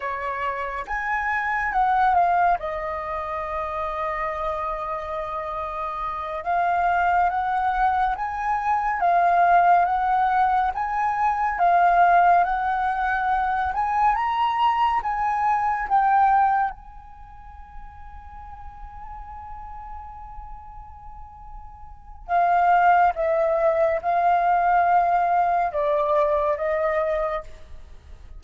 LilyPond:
\new Staff \with { instrumentName = "flute" } { \time 4/4 \tempo 4 = 70 cis''4 gis''4 fis''8 f''8 dis''4~ | dis''2.~ dis''8 f''8~ | f''8 fis''4 gis''4 f''4 fis''8~ | fis''8 gis''4 f''4 fis''4. |
gis''8 ais''4 gis''4 g''4 gis''8~ | gis''1~ | gis''2 f''4 e''4 | f''2 d''4 dis''4 | }